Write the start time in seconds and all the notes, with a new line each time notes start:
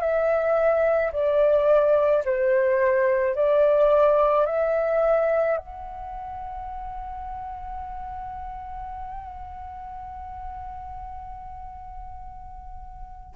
0.00 E5
1.12 D5
2.25 C5
3.35 D5
4.46 E5
5.57 F#5